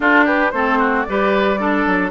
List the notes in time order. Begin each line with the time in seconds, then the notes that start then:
0.00 D4 F4 A4
0.24 G4 B4
0.50 A3 C4 A4 C5
0.79 F#4
1.03 G3 G4 D5
1.09 B4
1.58 D4 A4
1.86 F#3